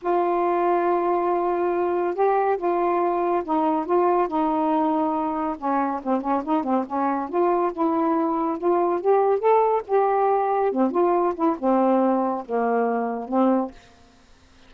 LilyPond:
\new Staff \with { instrumentName = "saxophone" } { \time 4/4 \tempo 4 = 140 f'1~ | f'4 g'4 f'2 | dis'4 f'4 dis'2~ | dis'4 cis'4 c'8 cis'8 dis'8 c'8 |
cis'4 f'4 e'2 | f'4 g'4 a'4 g'4~ | g'4 c'8 f'4 e'8 c'4~ | c'4 ais2 c'4 | }